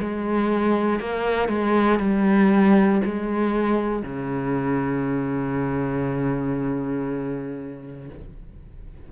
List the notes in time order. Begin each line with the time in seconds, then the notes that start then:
0.00 G#3
0.99 A#3
1.48 G#3
1.99 G3
3.04 G#3
4.02 C#3